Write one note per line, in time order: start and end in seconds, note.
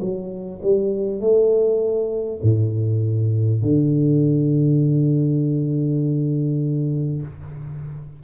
0.00 0.60 F#3
0.62 1.21 G3
1.21 2.41 A3
2.42 3.62 A2
3.62 7.22 D3